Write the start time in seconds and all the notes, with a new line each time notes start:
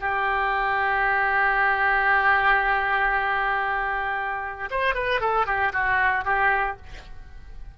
0.00 G4
4.71 C5
4.95 B4
5.21 A4
5.47 G4
5.73 F#4
6.25 G4